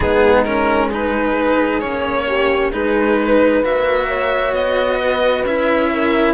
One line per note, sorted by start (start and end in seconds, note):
0.00 1.84 G#3
0.00 0.46 B3
0.00 0.87 D#4
0.00 0.43 G#4
0.44 0.91 C#4
0.44 0.89 A#4
0.87 1.81 D#4
0.87 2.23 G#4
0.93 1.80 B4
1.80 2.73 A#3
1.80 2.72 C#4
1.80 2.71 C#5
2.27 2.72 G4
2.72 3.63 G#3
2.72 3.63 D#4
2.72 3.17 G#4
2.72 3.63 B4
3.20 4.07 B4
3.63 4.52 A#3
3.63 5.45 F#4
3.63 4.53 E5
4.07 4.98 C#5
4.52 5.43 B3
4.52 5.44 D#5
5.01 5.92 B4
5.43 6.34 C#4
5.43 6.34 E4
5.43 6.34 E5
5.93 6.34 A#4